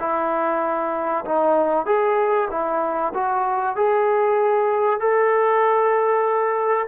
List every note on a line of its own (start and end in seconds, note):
0.00 1.25 E4
1.25 1.86 D#4
1.86 2.49 G#4
2.51 3.13 E4
3.15 3.76 F#4
3.76 5.00 G#4
5.00 6.88 A4